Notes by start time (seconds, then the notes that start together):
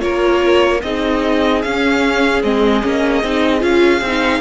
0.00 A#3 F4 A#4 C#5
0.83 C4 D#4 G#4 D#5
1.62 C#4 F5
2.44 G#3 C4 D#5
2.83 A#3 C#4
3.23 C4 D#4
3.61 C#4 F4 F5
4.02 C4 D#4